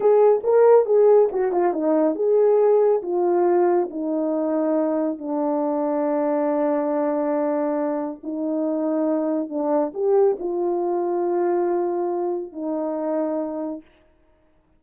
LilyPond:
\new Staff \with { instrumentName = "horn" } { \time 4/4 \tempo 4 = 139 gis'4 ais'4 gis'4 fis'8 f'8 | dis'4 gis'2 f'4~ | f'4 dis'2. | d'1~ |
d'2. dis'4~ | dis'2 d'4 g'4 | f'1~ | f'4 dis'2. | }